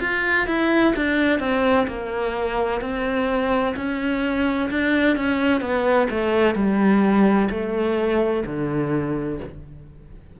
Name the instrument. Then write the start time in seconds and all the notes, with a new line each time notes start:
cello
0.00 F4
0.46 E4
0.95 D4
1.39 C4
1.87 A#3
2.81 C4
3.76 C#4
4.70 D4
5.16 C#4
5.61 B3
6.10 A3
6.55 G3
7.50 A3
8.45 D3